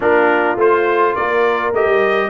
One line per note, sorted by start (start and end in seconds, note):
0.00 0.57 A#3
0.00 0.57 D4
0.00 1.13 F4
0.00 0.59 A#4
0.57 1.15 A3
0.57 1.74 F4
0.57 1.15 C5
1.15 1.72 A#3
1.15 2.30 A#4
1.15 1.73 D5
1.72 1.85 A3
1.72 2.30 G4
1.72 2.30 D#5
1.85 2.28 G3